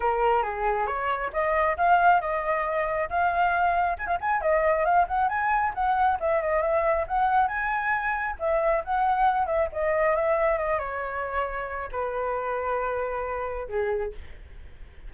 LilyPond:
\new Staff \with { instrumentName = "flute" } { \time 4/4 \tempo 4 = 136 ais'4 gis'4 cis''4 dis''4 | f''4 dis''2 f''4~ | f''4 gis''16 f''16 gis''8 dis''4 f''8 fis''8 | gis''4 fis''4 e''8 dis''8 e''4 |
fis''4 gis''2 e''4 | fis''4. e''8 dis''4 e''4 | dis''8 cis''2~ cis''8 b'4~ | b'2. gis'4 | }